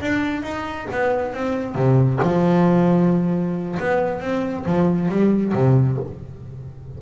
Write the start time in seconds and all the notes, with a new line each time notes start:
0.00 D4
0.42 D#4
0.91 B3
1.33 C4
1.75 C3
2.22 F3
3.79 B3
4.20 C4
4.65 F3
5.08 G3
5.53 C3